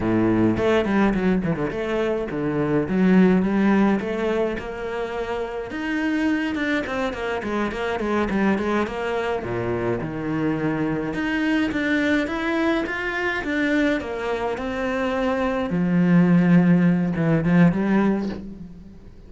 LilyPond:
\new Staff \with { instrumentName = "cello" } { \time 4/4 \tempo 4 = 105 a,4 a8 g8 fis8 e16 d16 a4 | d4 fis4 g4 a4 | ais2 dis'4. d'8 | c'8 ais8 gis8 ais8 gis8 g8 gis8 ais8~ |
ais8 ais,4 dis2 dis'8~ | dis'8 d'4 e'4 f'4 d'8~ | d'8 ais4 c'2 f8~ | f2 e8 f8 g4 | }